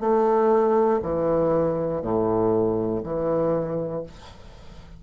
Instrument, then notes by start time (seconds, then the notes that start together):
bassoon
0.00 A3
1.03 E3
2.02 A2
3.04 E3